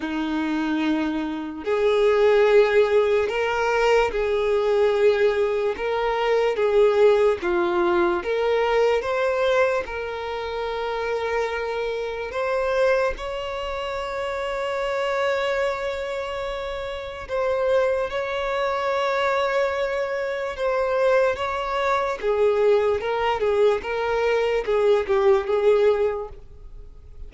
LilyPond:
\new Staff \with { instrumentName = "violin" } { \time 4/4 \tempo 4 = 73 dis'2 gis'2 | ais'4 gis'2 ais'4 | gis'4 f'4 ais'4 c''4 | ais'2. c''4 |
cis''1~ | cis''4 c''4 cis''2~ | cis''4 c''4 cis''4 gis'4 | ais'8 gis'8 ais'4 gis'8 g'8 gis'4 | }